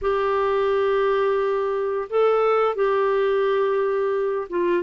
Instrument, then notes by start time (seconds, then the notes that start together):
clarinet
0.01 G4
2.09 A4
2.75 G4
4.49 F4